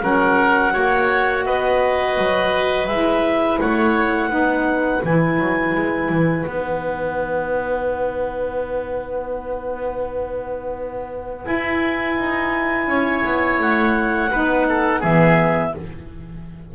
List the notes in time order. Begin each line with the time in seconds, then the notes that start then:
0.00 F#3 C#4 A#4 F#5
0.71 A#3 F#4 C#5
1.45 B3 B4 D#5
2.17 F#3
2.87 G#3 E4 E5
3.60 A3 C#5 F#5
4.29 B3 D#4 B4
5.03 E3 E4 G#5
5.39 F#3
5.74 G#3
6.08 E3
6.46 B3 D#4 F#5
11.42 E4 G#5
12.18 D#4
12.87 C#4 C#5
13.24 B3
13.59 A3 F#5
14.31 B3 D#4 B4
14.68 A4
15.00 E3 B3 G#4 E5